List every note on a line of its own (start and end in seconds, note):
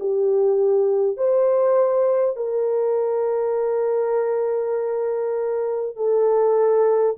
0.00 1.17 G4
1.17 2.36 C5
2.36 5.96 A#4
5.96 7.16 A4